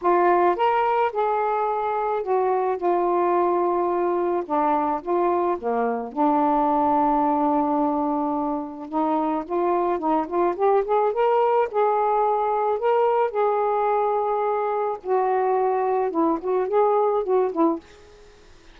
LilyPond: \new Staff \with { instrumentName = "saxophone" } { \time 4/4 \tempo 4 = 108 f'4 ais'4 gis'2 | fis'4 f'2. | d'4 f'4 ais4 d'4~ | d'1 |
dis'4 f'4 dis'8 f'8 g'8 gis'8 | ais'4 gis'2 ais'4 | gis'2. fis'4~ | fis'4 e'8 fis'8 gis'4 fis'8 e'8 | }